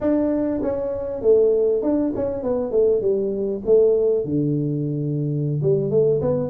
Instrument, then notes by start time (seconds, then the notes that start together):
tuba
0.00 D4
0.62 C#4
1.21 A3
1.82 D4
2.15 C#4
2.42 B3
2.71 A3
3.01 G3
3.65 A3
4.24 D3
5.62 G3
5.90 A3
6.21 B3